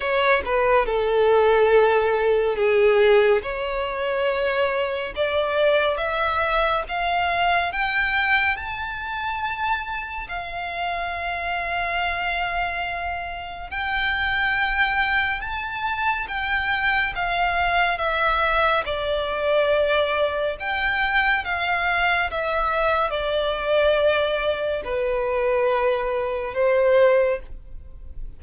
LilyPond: \new Staff \with { instrumentName = "violin" } { \time 4/4 \tempo 4 = 70 cis''8 b'8 a'2 gis'4 | cis''2 d''4 e''4 | f''4 g''4 a''2 | f''1 |
g''2 a''4 g''4 | f''4 e''4 d''2 | g''4 f''4 e''4 d''4~ | d''4 b'2 c''4 | }